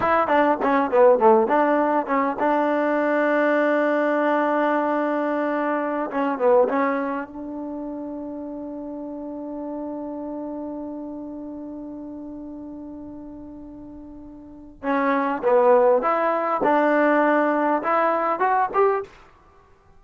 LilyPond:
\new Staff \with { instrumentName = "trombone" } { \time 4/4 \tempo 4 = 101 e'8 d'8 cis'8 b8 a8 d'4 cis'8 | d'1~ | d'2~ d'16 cis'8 b8 cis'8.~ | cis'16 d'2.~ d'8.~ |
d'1~ | d'1~ | d'4 cis'4 b4 e'4 | d'2 e'4 fis'8 g'8 | }